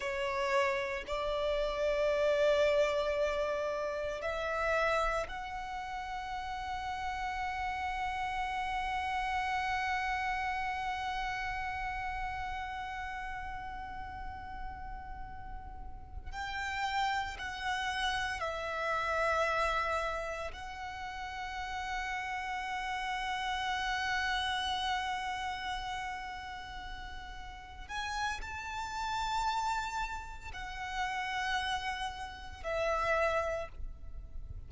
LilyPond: \new Staff \with { instrumentName = "violin" } { \time 4/4 \tempo 4 = 57 cis''4 d''2. | e''4 fis''2.~ | fis''1~ | fis''2.~ fis''8 g''8~ |
g''8 fis''4 e''2 fis''8~ | fis''1~ | fis''2~ fis''8 gis''8 a''4~ | a''4 fis''2 e''4 | }